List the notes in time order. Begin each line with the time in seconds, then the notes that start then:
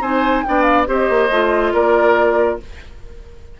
0.00 C4 D#4 C5 G#5
0.43 B3 D4 D5 G5
0.63 F5
0.86 C4 G4 C5
0.92 D#5
1.09 A#3
1.29 A3 F4
1.73 A#3 A#4 D5